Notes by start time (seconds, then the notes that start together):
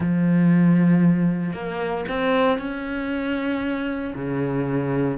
0.00 F3
1.53 A#3
2.08 C4
2.58 C#4
4.14 C#3